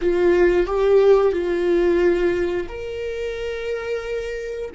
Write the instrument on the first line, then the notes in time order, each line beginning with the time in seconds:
viola
0.01 F4
0.66 G4
1.32 F4
2.68 A#4